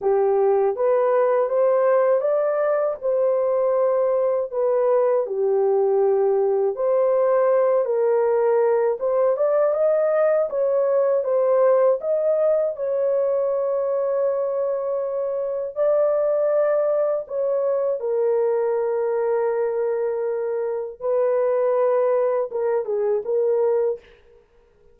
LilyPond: \new Staff \with { instrumentName = "horn" } { \time 4/4 \tempo 4 = 80 g'4 b'4 c''4 d''4 | c''2 b'4 g'4~ | g'4 c''4. ais'4. | c''8 d''8 dis''4 cis''4 c''4 |
dis''4 cis''2.~ | cis''4 d''2 cis''4 | ais'1 | b'2 ais'8 gis'8 ais'4 | }